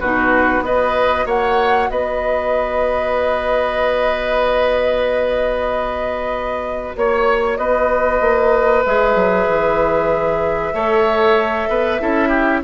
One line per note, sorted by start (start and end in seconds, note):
0.00 0.61 B2
0.00 0.65 D#4
0.00 0.63 F#4
0.00 0.63 B4
0.61 1.24 B3
0.61 8.86 F#4
0.61 1.26 B4
0.61 1.27 D#5
1.26 1.89 A#3
1.26 1.89 C#5
1.26 1.90 F#5
1.90 6.95 B3
1.90 6.97 B4
1.90 6.95 D#5
6.96 7.58 A#3
6.96 7.57 C#5
6.96 7.58 C#5
7.57 8.21 B3
7.57 10.74 B4
7.57 8.83 D#5
8.21 8.84 A#3
8.85 9.15 G#3
8.85 10.74 G#4
8.85 12.64 E5
9.15 9.47 F#3
9.48 10.74 E3
10.74 11.68 A3
10.74 12.00 A4
10.74 11.69 C#5
11.68 12.00 B3
11.68 12.01 B4
12.00 12.64 C#4
12.00 12.63 E4
12.00 12.29 A4
12.29 12.60 G4